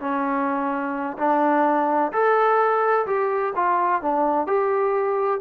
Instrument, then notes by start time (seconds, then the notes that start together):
trombone
0.00 C#4
1.18 D4
2.12 A4
3.06 G4
3.55 F4
4.02 D4
4.47 G4